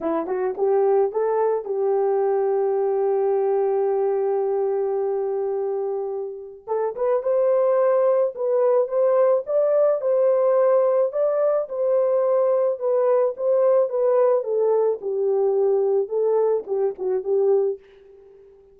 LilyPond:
\new Staff \with { instrumentName = "horn" } { \time 4/4 \tempo 4 = 108 e'8 fis'8 g'4 a'4 g'4~ | g'1~ | g'1 | a'8 b'8 c''2 b'4 |
c''4 d''4 c''2 | d''4 c''2 b'4 | c''4 b'4 a'4 g'4~ | g'4 a'4 g'8 fis'8 g'4 | }